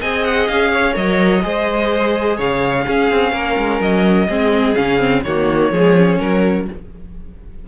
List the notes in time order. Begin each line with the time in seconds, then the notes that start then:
0.00 C4 G#4 D#5 G#5
0.25 F#5
0.48 C#4 F5
0.72 C#5
0.93 F#3 A#4 D#5
1.42 G#3 G#4 C5
2.37 C#3 C#5 F5
2.85 C#4 G#4
3.11 C4
3.33 A#3 A#4
3.58 G#3
3.81 F#3 D#5
4.28 G#3 C4 G#4
4.75 C#3 C#4 F5
4.99 C4
5.23 D#3 A#3 F#4 C#5
5.72 F3 G#3 G#4
5.96 C#4
6.20 F#3 A#4